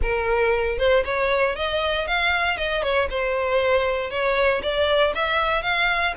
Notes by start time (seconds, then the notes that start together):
0.01 A#4
0.78 C5
1.04 C#5
1.55 D#5
2.07 F5
2.57 D#5
2.82 C#5
3.10 C5
4.10 C#5
4.62 D5
5.14 E5
5.62 F5